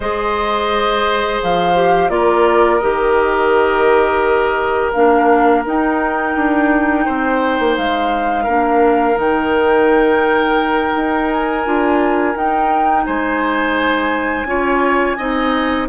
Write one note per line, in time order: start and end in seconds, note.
0.00 1.39 G#3
0.00 1.75 G#4
0.00 2.11 C5
0.00 1.42 D#5
1.42 2.09 F3
1.42 2.09 F5
1.75 2.10 G4
2.09 2.80 A#3
2.09 2.80 F4
2.09 7.05 A#4
2.09 2.79 D5
2.79 4.94 D#3
2.79 4.93 G4
2.79 4.91 D#5
4.92 5.65 A#3
4.92 5.64 D4
4.92 5.63 F5
5.65 6.35 D#4
5.65 8.47 D#4
5.65 7.77 G5
6.35 7.06 D4
7.05 7.59 C4
7.05 8.43 C5
7.59 7.76 A#3
7.77 8.47 G#3
7.77 9.18 F5
8.43 9.17 A#3
8.43 9.14 D4
8.43 13.02 A#4
9.14 10.93 D#3
9.14 11.61 D#4
9.14 11.30 G5
10.96 11.65 D#4
11.30 12.36 G#5
11.65 12.35 D4
11.65 12.34 F4
12.34 14.46 D#4
12.34 13.06 D#4
12.34 13.04 G5
13.04 14.44 G#3
13.04 14.47 C5
13.04 15.87 G#5
14.44 15.15 C#4
14.44 15.17 F4
14.44 15.17 C#5
15.17 15.88 C4
15.17 15.88 D#4
15.17 15.87 D#5